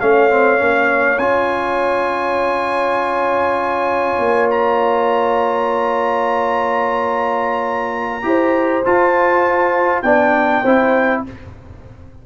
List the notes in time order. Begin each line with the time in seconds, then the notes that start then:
0.00 A3 C#4 C#5 F5
0.30 C4
0.58 A#3 C#4
1.18 C#4 F4 G#5
4.19 A#3
4.50 A#5
8.22 E4 G4 C5
8.85 F4 A5
10.02 B3 D4 D5 G5
10.63 C4 E4 C5